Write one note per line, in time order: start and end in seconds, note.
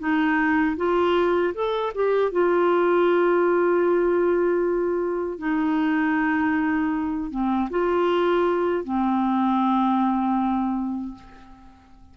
0.00 0.77 D#4
0.77 1.54 F4
1.55 1.93 A4
1.95 2.32 G4
2.32 5.39 F4
5.39 7.31 D#4
7.31 7.69 C4
7.71 8.85 F4
8.85 11.15 C4